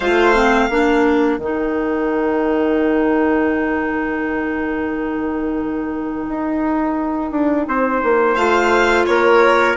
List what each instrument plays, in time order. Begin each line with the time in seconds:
0.00 bassoon A3, clarinet F4, trumpet C5, violin F5
0.34 clarinet C4
0.67 bassoon A#3, clarinet D4, trumpet A#4
1.38 bassoon D#3, clarinet D#4, violin G5
6.28 bassoon D#4
7.31 bassoon D4
7.67 bassoon C4, trumpet C5
8.03 bassoon A#3
8.35 bassoon A3, clarinet F4, violin F5
9.06 bassoon A#3, trumpet A#4, violin C#5